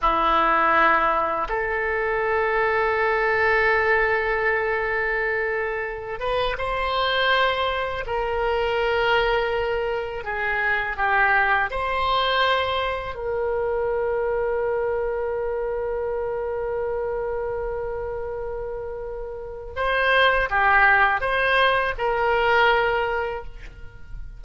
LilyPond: \new Staff \with { instrumentName = "oboe" } { \time 4/4 \tempo 4 = 82 e'2 a'2~ | a'1~ | a'8 b'8 c''2 ais'4~ | ais'2 gis'4 g'4 |
c''2 ais'2~ | ais'1~ | ais'2. c''4 | g'4 c''4 ais'2 | }